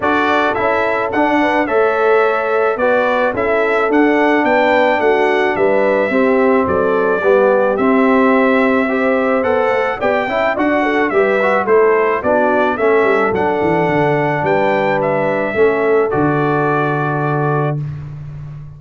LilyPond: <<
  \new Staff \with { instrumentName = "trumpet" } { \time 4/4 \tempo 4 = 108 d''4 e''4 fis''4 e''4~ | e''4 d''4 e''4 fis''4 | g''4 fis''4 e''2 | d''2 e''2~ |
e''4 fis''4 g''4 fis''4 | e''4 c''4 d''4 e''4 | fis''2 g''4 e''4~ | e''4 d''2. | }
  \new Staff \with { instrumentName = "horn" } { \time 4/4 a'2~ a'8 b'8 cis''4~ | cis''4 b'4 a'2 | b'4 fis'4 b'4 g'4 | a'4 g'2. |
c''2 d''8 e''8 d''8 a'8 | b'4 a'4 fis'4 a'4~ | a'2 b'2 | a'1 | }
  \new Staff \with { instrumentName = "trombone" } { \time 4/4 fis'4 e'4 d'4 a'4~ | a'4 fis'4 e'4 d'4~ | d'2. c'4~ | c'4 b4 c'2 |
g'4 a'4 g'8 e'8 fis'4 | g'8 fis'8 e'4 d'4 cis'4 | d'1 | cis'4 fis'2. | }
  \new Staff \with { instrumentName = "tuba" } { \time 4/4 d'4 cis'4 d'4 a4~ | a4 b4 cis'4 d'4 | b4 a4 g4 c'4 | fis4 g4 c'2~ |
c'4 b8 a8 b8 cis'8 d'4 | g4 a4 b4 a8 g8 | fis8 e8 d4 g2 | a4 d2. | }
>>